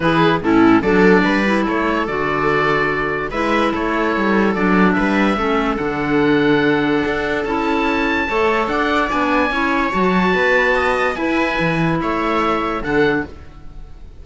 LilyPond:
<<
  \new Staff \with { instrumentName = "oboe" } { \time 4/4 \tempo 4 = 145 b'4 a'4 d''2 | cis''4 d''2. | e''4 cis''2 d''4 | e''2 fis''2~ |
fis''2 a''2~ | a''4 fis''4 gis''2 | a''2. gis''4~ | gis''4 e''2 fis''4 | }
  \new Staff \with { instrumentName = "viola" } { \time 4/4 gis'4 e'4 a'4 b'4 | a'1 | b'4 a'2. | b'4 a'2.~ |
a'1 | cis''4 d''2 cis''4~ | cis''4 b'4 dis''4 b'4~ | b'4 cis''2 a'4 | }
  \new Staff \with { instrumentName = "clarinet" } { \time 4/4 e'4 cis'4 d'4. e'8~ | e'4 fis'2. | e'2. d'4~ | d'4 cis'4 d'2~ |
d'2 e'2 | a'2 d'4 e'4 | fis'2. e'4~ | e'2. d'4 | }
  \new Staff \with { instrumentName = "cello" } { \time 4/4 e4 a,4 fis4 g4 | a4 d2. | gis4 a4 g4 fis4 | g4 a4 d2~ |
d4 d'4 cis'2 | a4 d'4 b4 cis'4 | fis4 b2 e'4 | e4 a2 d4 | }
>>